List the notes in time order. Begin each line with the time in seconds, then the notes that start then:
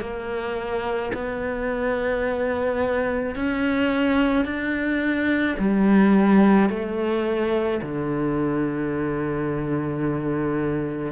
0.00 A#3
1.14 B3
3.35 C#4
4.44 D4
5.58 G3
6.69 A3
7.81 D3